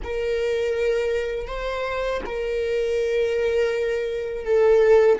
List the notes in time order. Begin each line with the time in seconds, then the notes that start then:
0.03 A#4
1.46 C5
2.25 A#4
4.45 A4